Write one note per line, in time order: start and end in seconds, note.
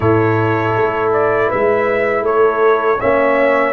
0.00 0.75 A2
0.00 2.98 E4
0.00 1.47 A4
0.00 1.12 C#5
0.76 1.51 A3
1.12 1.50 D5
1.47 2.22 G#3
1.47 2.22 B4
1.47 2.25 E5
2.22 2.97 A3
2.22 3.00 A4
2.22 3.00 C#5
3.00 3.73 A#3
3.00 3.73 C#4
3.00 3.73 C#5
3.00 3.73 E5